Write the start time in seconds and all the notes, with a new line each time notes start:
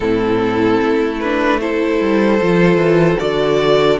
0.00 A2 C4 E4 A4
0.81 A3
1.20 D4 B4
1.60 E4 A4 C5
2.00 G3
2.41 F3 F4
2.76 E3
3.18 D3 F#4 D5